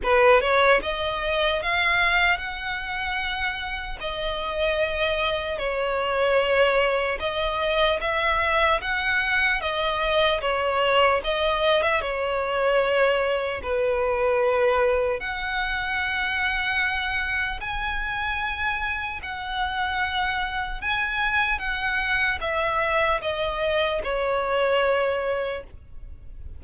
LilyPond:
\new Staff \with { instrumentName = "violin" } { \time 4/4 \tempo 4 = 75 b'8 cis''8 dis''4 f''4 fis''4~ | fis''4 dis''2 cis''4~ | cis''4 dis''4 e''4 fis''4 | dis''4 cis''4 dis''8. e''16 cis''4~ |
cis''4 b'2 fis''4~ | fis''2 gis''2 | fis''2 gis''4 fis''4 | e''4 dis''4 cis''2 | }